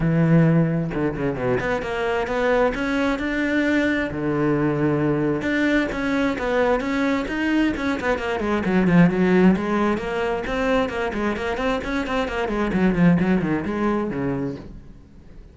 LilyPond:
\new Staff \with { instrumentName = "cello" } { \time 4/4 \tempo 4 = 132 e2 d8 cis8 b,8 b8 | ais4 b4 cis'4 d'4~ | d'4 d2. | d'4 cis'4 b4 cis'4 |
dis'4 cis'8 b8 ais8 gis8 fis8 f8 | fis4 gis4 ais4 c'4 | ais8 gis8 ais8 c'8 cis'8 c'8 ais8 gis8 | fis8 f8 fis8 dis8 gis4 cis4 | }